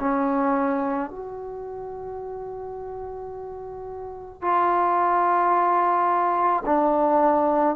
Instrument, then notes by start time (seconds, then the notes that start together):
trombone
0.00 C#4
1.11 F#4
4.42 F4
6.66 D4